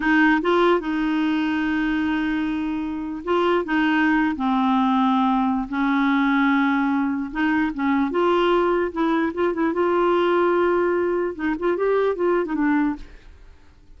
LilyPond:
\new Staff \with { instrumentName = "clarinet" } { \time 4/4 \tempo 4 = 148 dis'4 f'4 dis'2~ | dis'1 | f'4 dis'4.~ dis'16 c'4~ c'16~ | c'2 cis'2~ |
cis'2 dis'4 cis'4 | f'2 e'4 f'8 e'8 | f'1 | dis'8 f'8 g'4 f'8. dis'16 d'4 | }